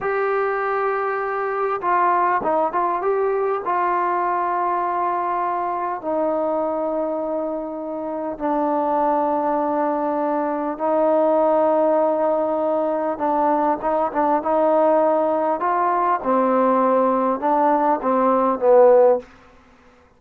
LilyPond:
\new Staff \with { instrumentName = "trombone" } { \time 4/4 \tempo 4 = 100 g'2. f'4 | dis'8 f'8 g'4 f'2~ | f'2 dis'2~ | dis'2 d'2~ |
d'2 dis'2~ | dis'2 d'4 dis'8 d'8 | dis'2 f'4 c'4~ | c'4 d'4 c'4 b4 | }